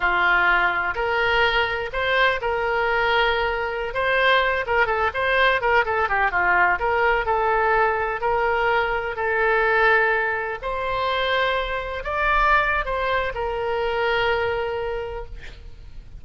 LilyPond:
\new Staff \with { instrumentName = "oboe" } { \time 4/4 \tempo 4 = 126 f'2 ais'2 | c''4 ais'2.~ | ais'16 c''4. ais'8 a'8 c''4 ais'16~ | ais'16 a'8 g'8 f'4 ais'4 a'8.~ |
a'4~ a'16 ais'2 a'8.~ | a'2~ a'16 c''4.~ c''16~ | c''4~ c''16 d''4.~ d''16 c''4 | ais'1 | }